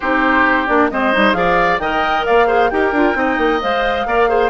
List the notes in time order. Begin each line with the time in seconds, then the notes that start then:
0.00 C4 D#4 G4 C5
0.66 A#3 D4 D5
0.90 G#3 C4 C5 D#5
1.12 G3 D#4
1.33 F3 G#4 D5 F5
1.78 D#3 A#4 D#5 G5
2.25 A#3 D5 F5
2.46 G#4 C5
2.70 D#4 G4 A#4 G5
2.91 D4 F4
3.13 C4 D#4 D#5
3.37 A#3
3.61 G#3 C5 F5
4.05 A#3 A#4 D5
4.28 G#4 C5